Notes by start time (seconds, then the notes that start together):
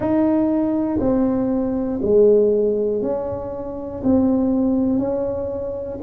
0.00 D#4
1.00 C4
2.02 G#3
3.01 C#4
4.03 C4
4.99 C#4